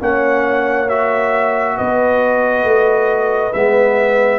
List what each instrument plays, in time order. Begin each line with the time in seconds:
0.00 tuba A#3, trombone C#4, horn C#5, trumpet F#5
0.89 trombone F#4, trumpet E5
1.77 tuba B3, horn B4, trumpet D#5
2.65 tuba A3
3.53 tuba G#3, trombone B3, trumpet E5